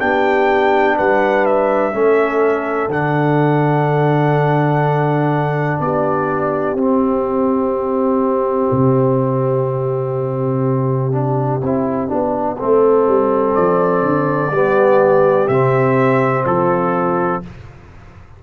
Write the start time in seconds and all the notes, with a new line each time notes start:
0.00 B3 D4 G4 G5
0.96 G3 B4 F#5
1.46 E5
1.93 A3 C#4 A4
2.89 D3 D4 F#5
5.80 B3 G4 D5
6.75 C4 E5
8.72 C3
11.12 D4
11.62 C4 E4
12.08 B3 D4
12.59 A3 C4 A4
13.07 G3
13.55 F3 D5
14.02 D3
14.51 G3 B3 G4
15.48 C3 C4 E5
16.46 F3 F4 A4